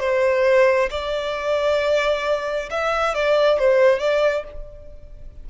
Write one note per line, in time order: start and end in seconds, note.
0.00 0.90 C5
0.91 2.70 D5
2.71 3.15 E5
3.15 3.59 D5
3.59 4.00 C5
4.00 4.45 D5